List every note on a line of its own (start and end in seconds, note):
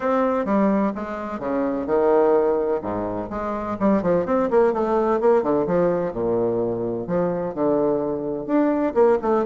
0.00 0.45 C4
0.45 0.92 G3
0.95 1.39 G#3
1.39 1.86 C#3
1.86 2.80 D#3
2.82 3.29 G#2
3.29 3.77 G#3
3.79 4.02 G3
4.02 4.25 F3
4.25 4.49 C4
4.50 4.73 A#3
4.73 5.20 A3
5.20 5.42 A#3
5.42 5.66 D3
5.66 6.12 F3
6.12 7.07 A#2
7.07 7.54 F3
7.54 8.46 D3
8.46 8.93 D4
8.94 9.18 A#3
9.22 9.45 A3